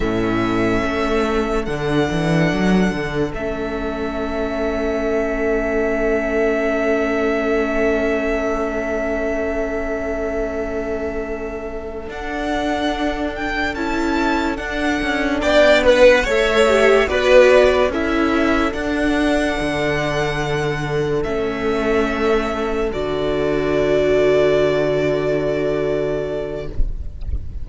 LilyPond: <<
  \new Staff \with { instrumentName = "violin" } { \time 4/4 \tempo 4 = 72 e''2 fis''2 | e''1~ | e''1~ | e''2~ e''8 fis''4. |
g''8 a''4 fis''4 g''8 fis''8 e''8~ | e''8 d''4 e''4 fis''4.~ | fis''4. e''2 d''8~ | d''1 | }
  \new Staff \with { instrumentName = "violin" } { \time 4/4 a'1~ | a'1~ | a'1~ | a'1~ |
a'2~ a'8 d''8 b'8 cis''8~ | cis''8 b'4 a'2~ a'8~ | a'1~ | a'1 | }
  \new Staff \with { instrumentName = "viola" } { \time 4/4 cis'2 d'2 | cis'1~ | cis'1~ | cis'2~ cis'8 d'4.~ |
d'8 e'4 d'2 a'8 | g'8 fis'4 e'4 d'4.~ | d'4. cis'2 fis'8~ | fis'1 | }
  \new Staff \with { instrumentName = "cello" } { \time 4/4 a,4 a4 d8 e8 fis8 d8 | a1~ | a1~ | a2~ a8 d'4.~ |
d'8 cis'4 d'8 cis'8 b4 a8~ | a8 b4 cis'4 d'4 d8~ | d4. a2 d8~ | d1 | }
>>